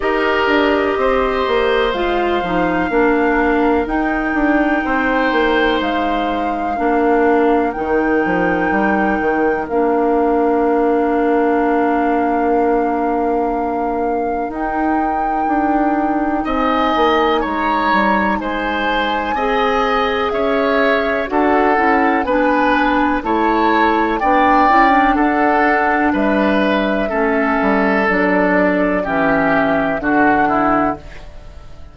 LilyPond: <<
  \new Staff \with { instrumentName = "flute" } { \time 4/4 \tempo 4 = 62 dis''2 f''2 | g''2 f''2 | g''2 f''2~ | f''2. g''4~ |
g''4 gis''4 ais''4 gis''4~ | gis''4 e''4 fis''4 gis''4 | a''4 g''4 fis''4 e''4~ | e''4 d''4 e''4 fis''4 | }
  \new Staff \with { instrumentName = "oboe" } { \time 4/4 ais'4 c''2 ais'4~ | ais'4 c''2 ais'4~ | ais'1~ | ais'1~ |
ais'4 dis''4 cis''4 c''4 | dis''4 cis''4 a'4 b'4 | cis''4 d''4 a'4 b'4 | a'2 g'4 fis'8 e'8 | }
  \new Staff \with { instrumentName = "clarinet" } { \time 4/4 g'2 f'8 dis'8 d'4 | dis'2. d'4 | dis'2 d'2~ | d'2. dis'4~ |
dis'1 | gis'2 fis'8 e'8 d'4 | e'4 d'8 e'16 d'2~ d'16 | cis'4 d'4 cis'4 d'4 | }
  \new Staff \with { instrumentName = "bassoon" } { \time 4/4 dis'8 d'8 c'8 ais8 gis8 f8 ais4 | dis'8 d'8 c'8 ais8 gis4 ais4 | dis8 f8 g8 dis8 ais2~ | ais2. dis'4 |
d'4 c'8 ais8 gis8 g8 gis4 | c'4 cis'4 d'8 cis'8 b4 | a4 b8 cis'8 d'4 g4 | a8 g8 fis4 e4 d4 | }
>>